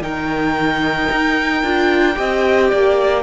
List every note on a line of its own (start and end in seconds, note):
0.00 1.07 D#3
0.00 1.62 D#4
0.00 2.17 A#4
0.00 3.23 G5
1.11 1.62 D#4
1.62 2.16 D4
1.62 2.15 F4
2.15 2.71 C4
2.15 3.22 G4
2.15 2.70 D#5
2.70 3.23 A#3
2.70 3.23 D5